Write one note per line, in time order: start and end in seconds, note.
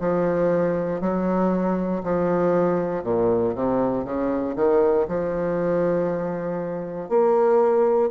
0.00 1.00 F3
1.00 2.02 F#3
2.03 3.03 F3
3.03 3.54 A#2
3.55 4.04 C3
4.04 4.55 C#3
4.55 5.06 D#3
5.08 7.09 F3
7.09 8.10 A#3